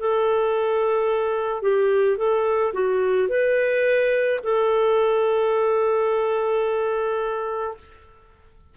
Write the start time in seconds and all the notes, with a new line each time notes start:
0.00 A4
1.63 G4
2.18 A4
2.74 F#4
3.29 B4
4.43 A4